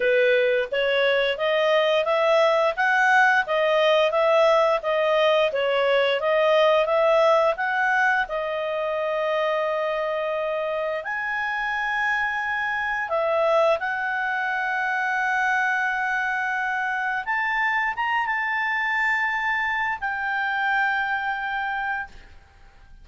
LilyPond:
\new Staff \with { instrumentName = "clarinet" } { \time 4/4 \tempo 4 = 87 b'4 cis''4 dis''4 e''4 | fis''4 dis''4 e''4 dis''4 | cis''4 dis''4 e''4 fis''4 | dis''1 |
gis''2. e''4 | fis''1~ | fis''4 a''4 ais''8 a''4.~ | a''4 g''2. | }